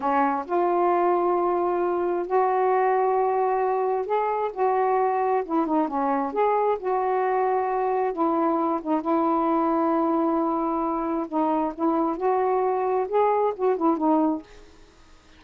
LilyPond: \new Staff \with { instrumentName = "saxophone" } { \time 4/4 \tempo 4 = 133 cis'4 f'2.~ | f'4 fis'2.~ | fis'4 gis'4 fis'2 | e'8 dis'8 cis'4 gis'4 fis'4~ |
fis'2 e'4. dis'8 | e'1~ | e'4 dis'4 e'4 fis'4~ | fis'4 gis'4 fis'8 e'8 dis'4 | }